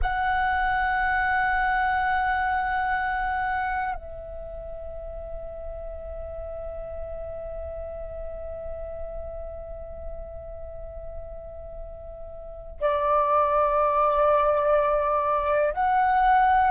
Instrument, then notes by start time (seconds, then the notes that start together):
flute
0.02 F#5
3.94 E5
12.80 D5
15.73 F#5